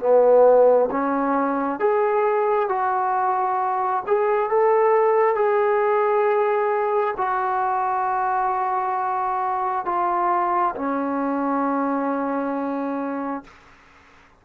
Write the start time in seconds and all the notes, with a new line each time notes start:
0.00 B3
0.91 C#4
1.80 G#4
2.69 F#4
4.07 G#4
4.50 A4
5.36 G#4
7.18 F#4
9.86 F4
10.76 C#4